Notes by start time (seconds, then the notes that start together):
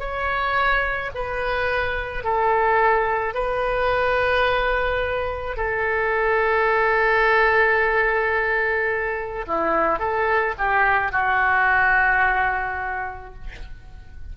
0.00 C#5
1.15 B4
2.24 A4
3.35 B4
5.57 A4
9.47 E4
9.99 A4
10.59 G4
11.12 F#4